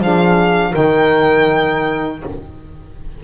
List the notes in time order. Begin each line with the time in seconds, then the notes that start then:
0.00 F3 D4 G#4 F5
0.72 D#3 D#4 A#4 G5